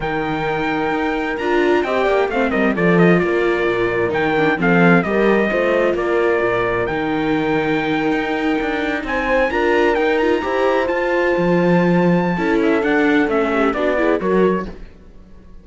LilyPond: <<
  \new Staff \with { instrumentName = "trumpet" } { \time 4/4 \tempo 4 = 131 g''2. ais''4 | g''4 f''8 dis''8 d''8 dis''8 d''4~ | d''4 g''4 f''4 dis''4~ | dis''4 d''2 g''4~ |
g''2.~ g''8. gis''16~ | gis''8. ais''4 g''8 ais''4. a''16~ | a''2.~ a''8 e''8 | fis''4 e''4 d''4 cis''4 | }
  \new Staff \with { instrumentName = "horn" } { \time 4/4 ais'1 | dis''8 d''8 c''8 ais'8 a'4 ais'4~ | ais'2 a'4 ais'4 | c''4 ais'2.~ |
ais'2.~ ais'8. c''16~ | c''8. ais'2 c''4~ c''16~ | c''2. a'4~ | a'4. g'8 fis'8 gis'8 ais'4 | }
  \new Staff \with { instrumentName = "viola" } { \time 4/4 dis'2. f'4 | g'4 c'4 f'2~ | f'4 dis'8 d'8 c'4 g'4 | f'2. dis'4~ |
dis'1~ | dis'8. f'4 dis'8 f'8 g'4 f'16~ | f'2. e'4 | d'4 cis'4 d'8 e'8 fis'4 | }
  \new Staff \with { instrumentName = "cello" } { \time 4/4 dis2 dis'4 d'4 | c'8 ais8 a8 g8 f4 ais4 | ais,4 dis4 f4 g4 | a4 ais4 ais,4 dis4~ |
dis4.~ dis16 dis'4 d'4 c'16~ | c'8. d'4 dis'4 e'4 f'16~ | f'8. f2~ f16 cis'4 | d'4 a4 b4 fis4 | }
>>